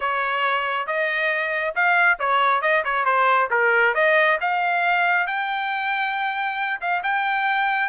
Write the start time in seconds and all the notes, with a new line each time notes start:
0.00 C#5
0.86 D#5
1.75 F5
2.19 C#5
2.61 D#5
2.84 C#5
3.05 C5
3.50 A#4
3.94 D#5
4.40 F5
5.27 G5
6.80 F5
7.03 G5